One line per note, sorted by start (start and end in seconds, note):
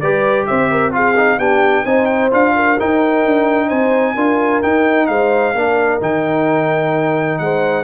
0.00 0.48 G3
0.00 0.92 G4
0.00 0.48 B4
0.00 0.46 D5
0.46 1.38 C4
0.46 0.71 C5
0.46 0.92 E5
0.71 0.94 A#4
0.92 1.15 F4
0.92 1.39 G#4
0.92 1.39 F5
1.16 1.39 D#4
1.38 1.85 B3
1.38 1.85 D4
1.38 1.85 G4
1.38 1.85 G5
1.85 2.31 C4
1.85 2.31 D#4
1.85 2.55 C5
1.85 2.06 G#5
2.06 2.29 G5
2.31 2.79 D4
2.31 2.77 F4
2.31 2.80 F5
2.55 3.68 A#4
2.79 4.17 D#4
2.79 3.26 D#4
2.79 3.69 G5
3.26 3.71 D4
3.68 4.16 C4
3.68 4.14 C5
3.68 4.62 G#5
4.15 4.62 D4
4.15 4.63 F4
4.15 5.08 A#4
4.62 5.55 D#4
4.62 5.08 D#4
4.62 5.06 G5
5.06 5.54 G#3
5.06 5.56 C5
5.06 5.99 F5
5.54 6.00 A#3
5.54 6.01 D4
5.54 7.42 A#4
6.01 7.40 D#3
6.01 7.84 D#4
6.01 7.38 G5
7.38 7.84 G#3
7.38 7.84 C5
7.38 7.84 F#5